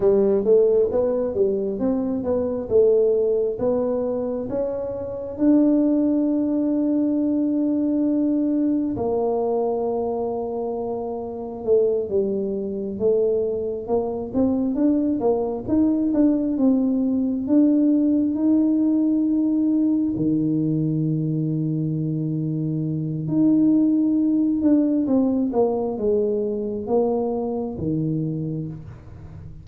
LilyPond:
\new Staff \with { instrumentName = "tuba" } { \time 4/4 \tempo 4 = 67 g8 a8 b8 g8 c'8 b8 a4 | b4 cis'4 d'2~ | d'2 ais2~ | ais4 a8 g4 a4 ais8 |
c'8 d'8 ais8 dis'8 d'8 c'4 d'8~ | d'8 dis'2 dis4.~ | dis2 dis'4. d'8 | c'8 ais8 gis4 ais4 dis4 | }